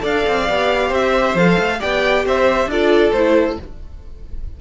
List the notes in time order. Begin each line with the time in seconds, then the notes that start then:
0.00 D4 A4 D5 F5
0.27 C4
0.50 B3 G4
0.89 C4 C5 E5
1.35 F3 A4 F5
1.59 A3
1.80 B3 G4 D5 G5
2.26 C4 C5 E5
2.67 D4 F4 A4 D5
3.12 A3 E4 C5